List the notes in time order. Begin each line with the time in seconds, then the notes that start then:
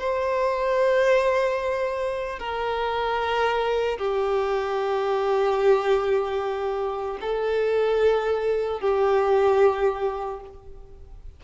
0.00 C5
2.39 A#4
3.98 G4
7.21 A4
8.81 G4